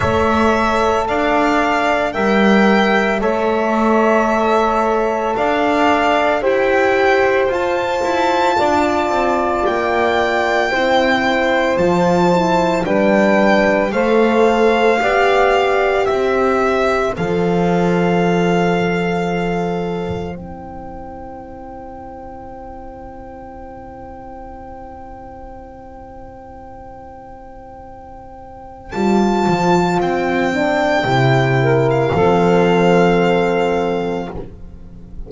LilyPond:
<<
  \new Staff \with { instrumentName = "violin" } { \time 4/4 \tempo 4 = 56 e''4 f''4 g''4 e''4~ | e''4 f''4 g''4 a''4~ | a''4 g''2 a''4 | g''4 f''2 e''4 |
f''2. g''4~ | g''1~ | g''2. a''4 | g''4.~ g''16 f''2~ f''16 | }
  \new Staff \with { instrumentName = "saxophone" } { \time 4/4 cis''4 d''4 e''4 cis''4~ | cis''4 d''4 c''2 | d''2 c''2 | b'4 c''4 d''4 c''4~ |
c''1~ | c''1~ | c''1~ | c''4. ais'8 a'2 | }
  \new Staff \with { instrumentName = "horn" } { \time 4/4 a'2 ais'4 a'4~ | a'2 g'4 f'4~ | f'2 e'4 f'8 e'8 | d'4 a'4 g'2 |
a'2. e'4~ | e'1~ | e'2. f'4~ | f'8 d'8 e'4 c'2 | }
  \new Staff \with { instrumentName = "double bass" } { \time 4/4 a4 d'4 g4 a4~ | a4 d'4 e'4 f'8 e'8 | d'8 c'8 ais4 c'4 f4 | g4 a4 b4 c'4 |
f2. c'4~ | c'1~ | c'2. g8 f8 | c'4 c4 f2 | }
>>